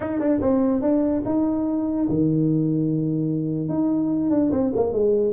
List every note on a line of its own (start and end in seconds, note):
0.00 0.19 D#4
0.19 0.40 D4
0.41 0.81 C4
0.81 1.22 D4
1.25 2.07 D#4
2.08 3.68 D#3
3.68 4.30 D#4
4.30 4.51 D4
4.51 4.72 C4
4.75 4.93 A#3
4.93 5.33 G#3